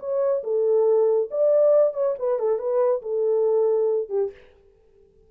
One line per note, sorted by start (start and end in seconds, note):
0.00 0.43 C#5
0.44 1.30 A4
1.31 1.94 D5
1.94 2.15 C#5
2.19 2.39 B4
2.39 2.59 A4
2.59 3.02 B4
3.03 4.09 A4
4.09 4.31 G4